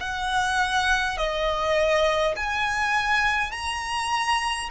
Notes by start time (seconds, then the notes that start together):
0.00 F#5
1.17 D#5
2.36 G#5
3.51 A#5